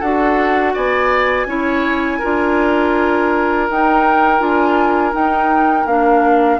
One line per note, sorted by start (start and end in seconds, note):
0.00 0.75 D4
0.00 1.48 F#4
0.00 0.73 A4
0.00 0.74 F#5
0.74 1.46 B3
0.74 1.47 D5
0.74 3.69 G#5
1.46 2.19 C#4
1.46 2.21 E4
1.46 2.19 C#5
2.19 3.70 D4
2.19 3.70 F4
2.19 6.58 A#4
3.70 4.40 D#4
3.70 4.39 D#4
3.70 4.41 G5
4.39 5.14 D4
4.39 5.12 F4
4.39 5.14 G#5
5.12 5.86 D#4
5.12 5.87 G5
5.86 6.59 A#3
5.86 6.60 D4
5.86 6.60 F5